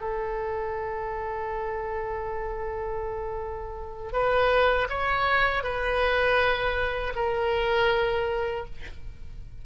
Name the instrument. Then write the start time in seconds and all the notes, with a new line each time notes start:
oboe
0.00 A4
4.12 B4
4.89 C#5
5.63 B4
7.15 A#4